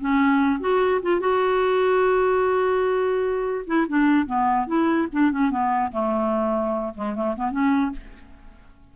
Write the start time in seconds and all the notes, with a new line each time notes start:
0.00 C#4
0.60 F#4
1.02 F4
1.20 F#4
3.67 E4
3.88 D4
4.26 B3
4.67 E4
5.12 D4
5.31 C#4
5.50 B3
5.92 A3
6.94 G#3
7.15 A3
7.36 B3
7.51 C#4